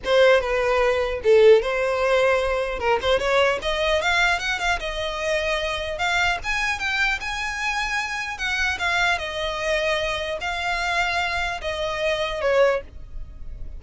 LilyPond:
\new Staff \with { instrumentName = "violin" } { \time 4/4 \tempo 4 = 150 c''4 b'2 a'4 | c''2. ais'8 c''8 | cis''4 dis''4 f''4 fis''8 f''8 | dis''2. f''4 |
gis''4 g''4 gis''2~ | gis''4 fis''4 f''4 dis''4~ | dis''2 f''2~ | f''4 dis''2 cis''4 | }